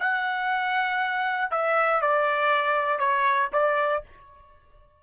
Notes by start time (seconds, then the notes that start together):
0.00 F#5
1.51 E5
2.02 D5
2.99 C#5
3.53 D5